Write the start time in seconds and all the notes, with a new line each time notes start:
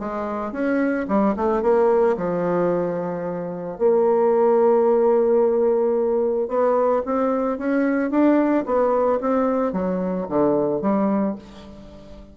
0.00 G#3
0.53 C#4
1.09 G3
1.37 A3
1.63 A#3
2.17 F3
3.79 A#3
6.49 B3
7.06 C4
7.59 C#4
8.11 D4
8.66 B3
9.21 C4
9.73 F#3
10.29 D3
10.82 G3